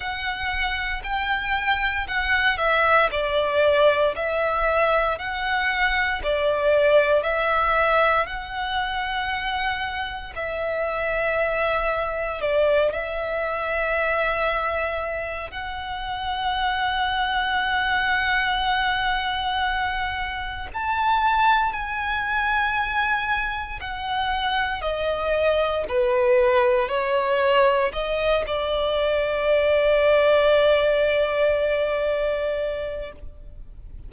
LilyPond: \new Staff \with { instrumentName = "violin" } { \time 4/4 \tempo 4 = 58 fis''4 g''4 fis''8 e''8 d''4 | e''4 fis''4 d''4 e''4 | fis''2 e''2 | d''8 e''2~ e''8 fis''4~ |
fis''1 | a''4 gis''2 fis''4 | dis''4 b'4 cis''4 dis''8 d''8~ | d''1 | }